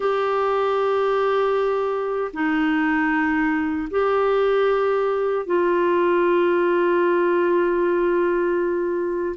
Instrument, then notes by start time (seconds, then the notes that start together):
clarinet
0.00 G4
2.33 D#4
3.90 G4
5.45 F4